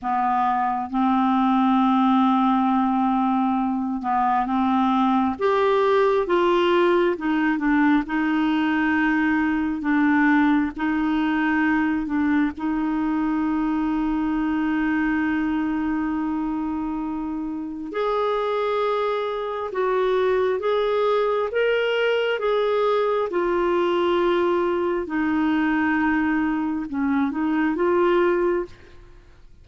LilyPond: \new Staff \with { instrumentName = "clarinet" } { \time 4/4 \tempo 4 = 67 b4 c'2.~ | c'8 b8 c'4 g'4 f'4 | dis'8 d'8 dis'2 d'4 | dis'4. d'8 dis'2~ |
dis'1 | gis'2 fis'4 gis'4 | ais'4 gis'4 f'2 | dis'2 cis'8 dis'8 f'4 | }